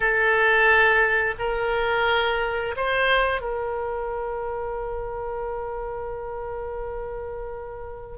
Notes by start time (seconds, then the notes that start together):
0.00 A4
1.38 A#4
2.76 C5
3.41 A#4